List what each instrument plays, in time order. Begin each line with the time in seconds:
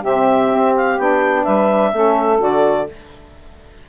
0.00 bassoon C3, saxophone C4 G4, clarinet E5
0.51 bassoon C4
0.75 clarinet F5
0.98 bassoon B3, saxophone D4, clarinet G5
1.44 bassoon G3, saxophone B4, clarinet E5
1.93 bassoon A3, saxophone C#4 A4
2.39 bassoon D3, saxophone F#4, clarinet D5